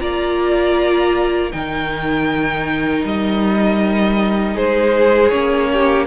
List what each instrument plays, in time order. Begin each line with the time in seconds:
0.00 cello A#3, viola F4, violin D5 A#5
1.51 cello D#3, viola D#4, violin A#4 G5
3.05 cello G3, violin D#5
4.55 cello G#3, violin G#4 C5
5.30 cello A#3, viola C#4, violin C#5
5.73 violin G4